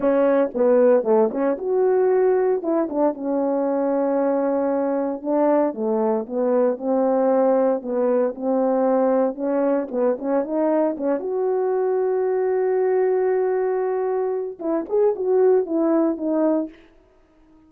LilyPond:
\new Staff \with { instrumentName = "horn" } { \time 4/4 \tempo 4 = 115 cis'4 b4 a8 cis'8 fis'4~ | fis'4 e'8 d'8 cis'2~ | cis'2 d'4 a4 | b4 c'2 b4 |
c'2 cis'4 b8 cis'8 | dis'4 cis'8 fis'2~ fis'8~ | fis'1 | e'8 gis'8 fis'4 e'4 dis'4 | }